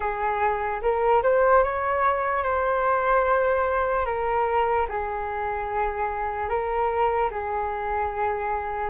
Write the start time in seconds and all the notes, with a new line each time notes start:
0.00 G#4
0.81 A#4
1.22 C5
1.63 C#5
2.43 C5
4.05 A#4
4.88 G#4
6.49 A#4
7.30 G#4